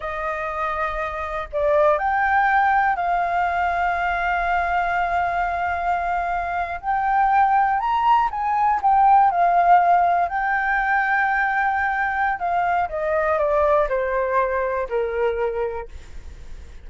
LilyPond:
\new Staff \with { instrumentName = "flute" } { \time 4/4 \tempo 4 = 121 dis''2. d''4 | g''2 f''2~ | f''1~ | f''4.~ f''16 g''2 ais''16~ |
ais''8. gis''4 g''4 f''4~ f''16~ | f''8. g''2.~ g''16~ | g''4 f''4 dis''4 d''4 | c''2 ais'2 | }